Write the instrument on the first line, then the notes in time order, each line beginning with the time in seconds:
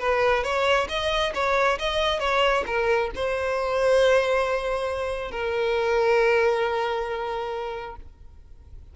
violin
0.00 B4
0.44 C#5
0.89 D#5
1.35 C#5
1.79 D#5
2.20 C#5
2.67 A#4
3.15 C5
5.31 A#4